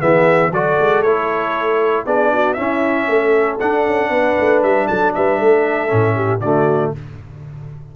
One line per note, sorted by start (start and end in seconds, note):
0.00 0.51 E3
0.00 0.52 B3
0.00 0.51 G#4
0.00 0.52 E5
0.51 0.77 F#3
0.51 1.05 F#4
0.51 2.05 A4
0.51 1.03 D5
0.80 1.02 G#3
1.02 2.05 A3
1.02 2.07 E4
1.02 2.05 C#5
2.05 2.57 B3
2.05 2.57 D4
2.05 2.31 G#4
2.05 2.54 D5
2.33 2.57 F#4
2.54 3.60 C#4
2.54 3.08 C#4
2.54 3.08 E4
2.54 3.56 E5
3.08 3.60 A3
3.08 4.11 A4
3.60 5.88 D4
3.60 3.87 D4
3.60 4.63 F#5
3.87 4.10 C#4
4.10 4.36 B3
4.10 4.88 B4
4.40 4.63 A3
4.63 4.89 G3
4.63 4.87 E5
4.87 5.16 F#3
4.87 5.14 A4
4.87 5.13 A5
5.15 5.42 G3
5.15 5.39 B4
5.15 6.40 E5
5.39 5.92 A3
5.39 6.15 A4
5.88 6.41 A2
5.88 6.40 C#4
6.15 6.41 G4
6.40 6.92 D3
6.40 6.96 A3
6.40 6.93 F#4
6.40 6.92 D5